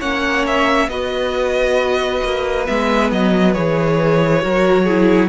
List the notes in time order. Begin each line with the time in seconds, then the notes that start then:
0.00 A#3 C#4 C#5 F#5
0.47 E5
0.88 B3 F#4 B4 D#5
2.24 A#3
2.66 G#3 B3 E5
3.12 F#3 D#5
3.54 E3 G#4 C#5
4.41 F#3 F#4 A#4
4.85 E4 G#4